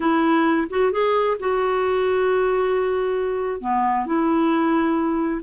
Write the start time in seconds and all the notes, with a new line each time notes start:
0.00 E4
0.70 F#4
0.91 G#4
1.39 F#4
3.60 B3
4.06 E4